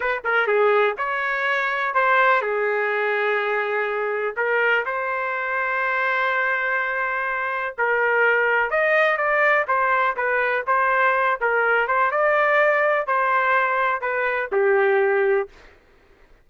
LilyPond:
\new Staff \with { instrumentName = "trumpet" } { \time 4/4 \tempo 4 = 124 b'8 ais'8 gis'4 cis''2 | c''4 gis'2.~ | gis'4 ais'4 c''2~ | c''1 |
ais'2 dis''4 d''4 | c''4 b'4 c''4. ais'8~ | ais'8 c''8 d''2 c''4~ | c''4 b'4 g'2 | }